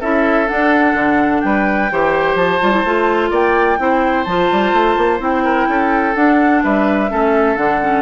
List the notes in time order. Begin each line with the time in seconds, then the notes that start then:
0.00 C#4 E4 A4 E5
0.46 D4 F#5
0.94 D3
1.41 G3 B4 G5
1.91 E3 G4 C5
2.35 F3 A5
2.60 G3 F4
2.72 E4
2.84 A3 F4
3.31 A#3 D5 G5
3.78 C4 E4 C5
4.24 F3 F4 A5
4.51 G3
4.73 A3
4.97 A#3
5.19 C4 E4 G5
5.44 A#4
5.68 C#4 A4
6.15 D4 F#5
6.63 G3 B4 E5
7.10 A3 C#4 A4
7.57 D3 D4 F#5
7.81 C#4